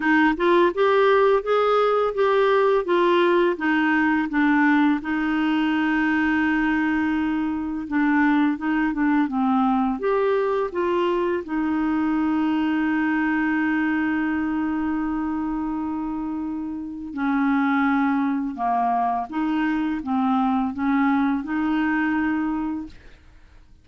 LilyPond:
\new Staff \with { instrumentName = "clarinet" } { \time 4/4 \tempo 4 = 84 dis'8 f'8 g'4 gis'4 g'4 | f'4 dis'4 d'4 dis'4~ | dis'2. d'4 | dis'8 d'8 c'4 g'4 f'4 |
dis'1~ | dis'1 | cis'2 ais4 dis'4 | c'4 cis'4 dis'2 | }